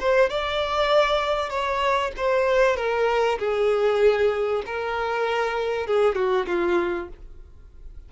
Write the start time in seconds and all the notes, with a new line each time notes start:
0.00 C5
0.29 D5
1.50 C#5
2.16 C5
2.76 A#4
3.39 G#4
4.66 A#4
5.87 G#4
6.15 F#4
6.46 F4